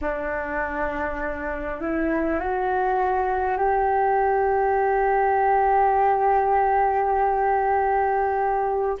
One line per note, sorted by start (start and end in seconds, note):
0.01 1.80 D4
1.80 2.39 E4
2.39 3.57 F#4
3.57 8.97 G4